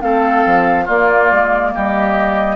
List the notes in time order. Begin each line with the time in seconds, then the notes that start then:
0.00 A3 C4 A4 F5
0.45 F3
0.85 A#3 F4 D5
1.31 G#3
1.74 G3 G4 D#5